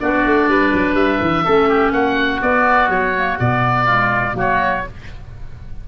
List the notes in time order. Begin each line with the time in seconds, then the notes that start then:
0.00 B3 D4 F#4 D5
0.26 A3
0.48 G3 B4
0.73 F#3
0.94 G3 E5
1.21 E3
1.45 A3 C#4 A4
1.69 G4
1.92 A#3 F#4 F#5
2.42 B3 D5
2.88 F#3 C#5
3.15 A#3
3.37 B2 B3 D5
3.85 G#3 F4
4.33 F#3 A#3 F#4
4.40 C#5